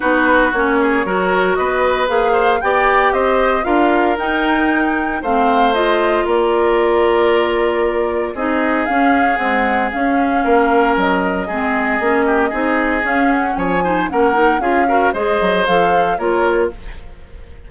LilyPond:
<<
  \new Staff \with { instrumentName = "flute" } { \time 4/4 \tempo 4 = 115 b'4 cis''2 dis''4 | f''4 g''4 dis''4 f''4 | g''2 f''4 dis''4 | d''1 |
dis''4 f''4 fis''4 f''4~ | f''4 dis''2.~ | dis''4 f''8 fis''8 gis''4 fis''4 | f''4 dis''4 f''4 cis''4 | }
  \new Staff \with { instrumentName = "oboe" } { \time 4/4 fis'4. gis'8 ais'4 b'4~ | b'8 c''8 d''4 c''4 ais'4~ | ais'2 c''2 | ais'1 |
gis'1 | ais'2 gis'4. g'8 | gis'2 cis''8 c''8 ais'4 | gis'8 ais'8 c''2 ais'4 | }
  \new Staff \with { instrumentName = "clarinet" } { \time 4/4 dis'4 cis'4 fis'2 | gis'4 g'2 f'4 | dis'2 c'4 f'4~ | f'1 |
dis'4 cis'4 gis4 cis'4~ | cis'2 c'4 cis'4 | dis'4 cis'4. dis'8 cis'8 dis'8 | f'8 fis'8 gis'4 a'4 f'4 | }
  \new Staff \with { instrumentName = "bassoon" } { \time 4/4 b4 ais4 fis4 b4 | ais4 b4 c'4 d'4 | dis'2 a2 | ais1 |
c'4 cis'4 c'4 cis'4 | ais4 fis4 gis4 ais4 | c'4 cis'4 f4 ais4 | cis'4 gis8 fis8 f4 ais4 | }
>>